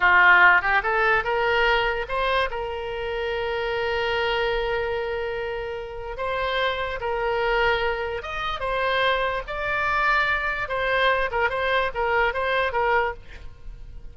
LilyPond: \new Staff \with { instrumentName = "oboe" } { \time 4/4 \tempo 4 = 146 f'4. g'8 a'4 ais'4~ | ais'4 c''4 ais'2~ | ais'1~ | ais'2. c''4~ |
c''4 ais'2. | dis''4 c''2 d''4~ | d''2 c''4. ais'8 | c''4 ais'4 c''4 ais'4 | }